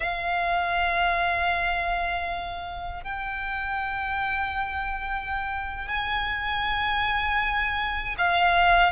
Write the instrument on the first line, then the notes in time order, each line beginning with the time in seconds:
violin
0.00 F5
3.03 G5
5.88 G#5
8.17 F5